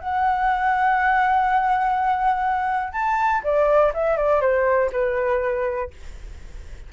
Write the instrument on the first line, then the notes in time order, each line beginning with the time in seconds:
flute
0.00 F#5
2.93 A5
3.44 D5
3.94 E5
4.17 D5
4.41 C5
4.92 B4